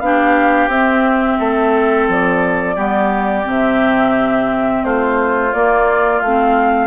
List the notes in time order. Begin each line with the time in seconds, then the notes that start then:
0.00 B3 D4 G4 F5
0.67 C4 E5
1.39 A3 A4
2.08 F3 D5
2.76 G3 B3 G4
3.44 C3 C4 E5
4.84 A3 F4 C5
5.53 A#3 D5
6.20 A3 C4 F5